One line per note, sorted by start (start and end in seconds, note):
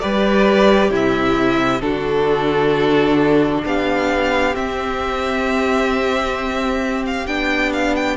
0.00 0.90 G3
0.00 1.81 G4
0.00 0.91 B4
0.00 0.91 D5
0.90 1.81 C3
0.90 1.82 E4
0.90 1.81 E5
1.81 3.63 D3
1.81 4.54 D4
1.81 3.65 F#4
1.81 3.63 A4
3.65 4.56 B3
3.65 8.17 G4
3.65 4.55 F5
4.54 7.26 C4
4.54 7.27 C4
4.54 7.05 E5
7.06 7.27 F5
7.27 8.17 B3
7.27 8.17 D4
7.27 7.72 G5
7.73 7.95 F5
7.95 8.17 G5